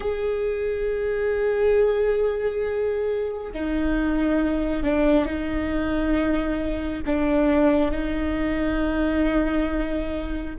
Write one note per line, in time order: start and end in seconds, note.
0.00 3.52 G#4
3.53 4.83 D#4
4.83 5.25 D4
5.25 7.01 D#4
7.06 7.91 D4
7.91 10.55 D#4